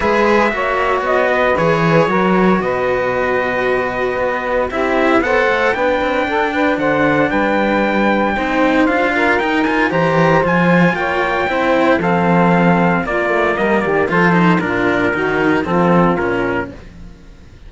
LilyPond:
<<
  \new Staff \with { instrumentName = "trumpet" } { \time 4/4 \tempo 4 = 115 e''2 dis''4 cis''4~ | cis''4 dis''2.~ | dis''4 e''4 fis''4 g''4~ | g''4 fis''4 g''2~ |
g''4 f''4 g''8 gis''8 ais''4 | gis''4 g''2 f''4~ | f''4 d''4 dis''8 d''8 c''4 | ais'2 a'4 ais'4 | }
  \new Staff \with { instrumentName = "saxophone" } { \time 4/4 b'4 cis''4. b'4. | ais'4 b'2.~ | b'4 g'4 c''4 b'4 | a'8 b'8 c''4 b'2 |
c''4. ais'4. c''4~ | c''4 cis''4 c''4 a'4~ | a'4 f'4 ais'8 g'8 a'4 | f'4 fis'4 f'2 | }
  \new Staff \with { instrumentName = "cello" } { \time 4/4 gis'4 fis'2 gis'4 | fis'1~ | fis'4 e'4 a'4 d'4~ | d'1 |
dis'4 f'4 dis'8 f'8 g'4 | f'2 e'4 c'4~ | c'4 ais2 f'8 dis'8 | d'4 dis'4 c'4 cis'4 | }
  \new Staff \with { instrumentName = "cello" } { \time 4/4 gis4 ais4 b4 e4 | fis4 b,2. | b4 c'4 b8 a8 b8 c'8 | d'4 d4 g2 |
c'4 d'4 dis'4 e4 | f4 ais4 c'4 f4~ | f4 ais8 a8 g8 dis8 f4 | ais,4 dis4 f4 ais,4 | }
>>